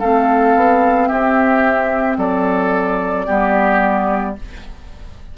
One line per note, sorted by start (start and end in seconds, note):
0.00 0.56 A3
0.00 3.28 C4
0.00 1.09 A4
0.00 1.08 F5
0.56 1.10 B3
1.08 2.18 C4
1.08 2.18 G4
1.08 2.17 E5
2.18 3.27 F#3
2.18 3.27 A4
2.18 4.36 D5
3.27 4.38 G3
3.27 4.37 B3
3.27 4.36 G4